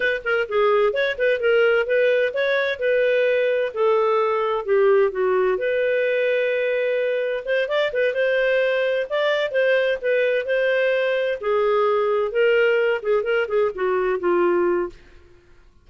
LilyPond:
\new Staff \with { instrumentName = "clarinet" } { \time 4/4 \tempo 4 = 129 b'8 ais'8 gis'4 cis''8 b'8 ais'4 | b'4 cis''4 b'2 | a'2 g'4 fis'4 | b'1 |
c''8 d''8 b'8 c''2 d''8~ | d''8 c''4 b'4 c''4.~ | c''8 gis'2 ais'4. | gis'8 ais'8 gis'8 fis'4 f'4. | }